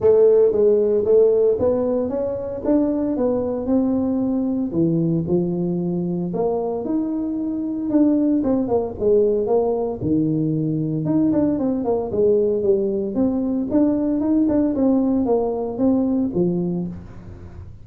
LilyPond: \new Staff \with { instrumentName = "tuba" } { \time 4/4 \tempo 4 = 114 a4 gis4 a4 b4 | cis'4 d'4 b4 c'4~ | c'4 e4 f2 | ais4 dis'2 d'4 |
c'8 ais8 gis4 ais4 dis4~ | dis4 dis'8 d'8 c'8 ais8 gis4 | g4 c'4 d'4 dis'8 d'8 | c'4 ais4 c'4 f4 | }